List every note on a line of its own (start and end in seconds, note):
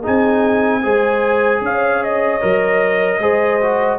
0.00 0.82 D#4
0.00 0.79 G#4
0.06 0.85 C4
0.06 1.64 G#5
0.83 1.62 G#3
0.83 2.40 G#4
0.83 1.62 C5
1.62 2.40 C#4
1.62 3.20 C#5
1.62 2.04 F5
2.04 3.99 D#5
2.41 3.19 F#3
2.41 3.20 A#4
3.19 3.98 G#3
3.19 3.61 G#4
3.19 3.99 C5
3.61 3.99 F#4